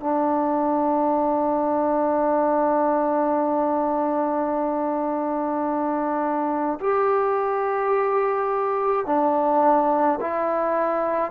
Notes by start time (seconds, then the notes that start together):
0.00 D4
6.80 G4
9.06 D4
10.20 E4